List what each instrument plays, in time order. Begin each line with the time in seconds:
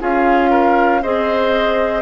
0.00 bassoon C#4, clarinet F4, oboe G#4, flute F5
0.50 oboe A#4
1.02 bassoon C4, clarinet G#4, oboe C5, flute D#5